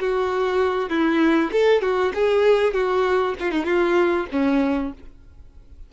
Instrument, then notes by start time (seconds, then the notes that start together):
violin
0.00 F#4
0.90 E4
1.52 A4
1.82 F#4
2.14 G#4
2.74 F#4
3.40 F4
3.51 D#4
3.65 F4
4.31 C#4